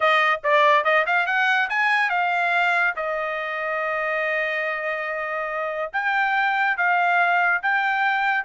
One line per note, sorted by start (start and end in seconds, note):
0.00 0.41 D#5
0.43 0.84 D5
0.84 1.05 D#5
1.06 1.26 F5
1.26 1.68 F#5
1.69 2.09 G#5
2.09 2.94 F5
2.96 5.91 D#5
5.92 6.77 G5
6.77 7.61 F5
7.62 8.44 G5